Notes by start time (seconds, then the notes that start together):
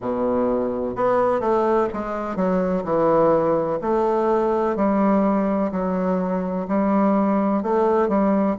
0.00 B2
0.95 B3
1.40 A3
1.93 G#3
2.35 F#3
2.84 E3
3.81 A3
4.76 G3
5.71 F#3
6.68 G3
7.62 A3
8.08 G3